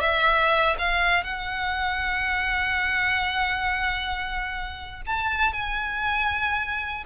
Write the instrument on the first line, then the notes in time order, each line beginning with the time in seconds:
violin
0.00 E5
0.78 F5
1.23 F#5
5.06 A5
5.52 G#5